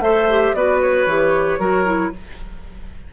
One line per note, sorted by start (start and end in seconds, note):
0.00 0.53 A3
0.00 0.29 A4
0.00 0.56 C5
0.00 0.54 E5
0.30 0.56 G4
0.54 1.06 B3
0.54 1.09 F#4
0.54 1.60 B4
0.54 0.80 D5
0.82 2.13 C#5
1.06 1.59 E3
1.06 1.60 G4
1.59 2.12 F#3
1.59 1.86 F#4
1.59 2.12 A#4
1.86 2.12 E4